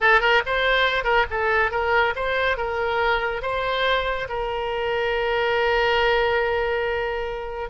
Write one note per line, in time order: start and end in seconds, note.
0.01 0.20 A4
0.20 0.42 A#4
0.46 1.04 C5
1.04 1.25 A#4
1.30 1.71 A4
1.71 2.14 A#4
2.15 2.57 C5
2.57 3.42 A#4
3.42 4.27 C5
4.29 7.69 A#4